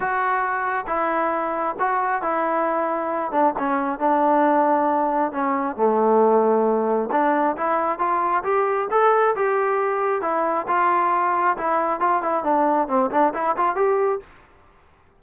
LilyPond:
\new Staff \with { instrumentName = "trombone" } { \time 4/4 \tempo 4 = 135 fis'2 e'2 | fis'4 e'2~ e'8 d'8 | cis'4 d'2. | cis'4 a2. |
d'4 e'4 f'4 g'4 | a'4 g'2 e'4 | f'2 e'4 f'8 e'8 | d'4 c'8 d'8 e'8 f'8 g'4 | }